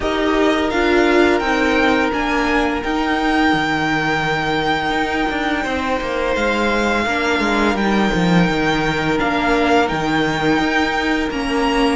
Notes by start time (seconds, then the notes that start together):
0.00 D#4 G4 A#4 D#5
0.70 D4 F4 F5
1.39 C4 D#4 G5
2.11 A#3 D4 G#5
2.83 D#4 G5
3.53 D#3
4.90 D#4
5.30 D4
5.63 C4 C5
6.00 A#3
6.35 G#3 F5
7.05 A#3 D4 A#4
7.39 G#3
7.74 G3 D#4 G5
8.14 F3
8.49 D#3
9.17 A#3 D4 F5
9.85 D#3 D#4 G5
10.59 D#4
11.30 A#3 C#4 A#5